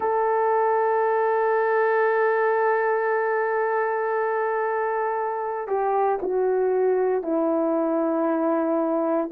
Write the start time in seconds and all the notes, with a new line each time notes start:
0.00 A4
5.67 G4
6.22 F#4
7.22 E4